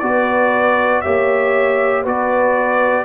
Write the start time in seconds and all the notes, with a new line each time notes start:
0.00 B3 F#4 B4 D5
1.01 A#3 G4 C#5 E5
2.03 B3 F#4 B4 D5